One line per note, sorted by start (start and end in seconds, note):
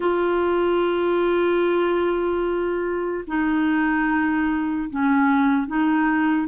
0.00 3.24 F4
3.27 4.89 D#4
4.89 5.67 C#4
5.67 6.47 D#4